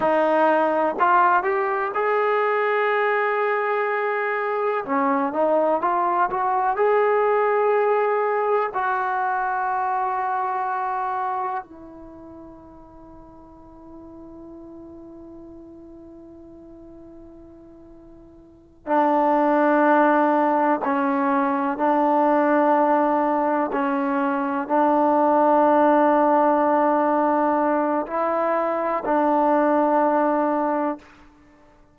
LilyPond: \new Staff \with { instrumentName = "trombone" } { \time 4/4 \tempo 4 = 62 dis'4 f'8 g'8 gis'2~ | gis'4 cis'8 dis'8 f'8 fis'8 gis'4~ | gis'4 fis'2. | e'1~ |
e'2.~ e'8 d'8~ | d'4. cis'4 d'4.~ | d'8 cis'4 d'2~ d'8~ | d'4 e'4 d'2 | }